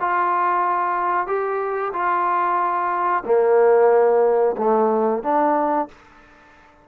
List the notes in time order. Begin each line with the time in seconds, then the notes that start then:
0.00 F4
1.27 G4
1.93 F4
3.25 A#3
4.57 A3
5.23 D4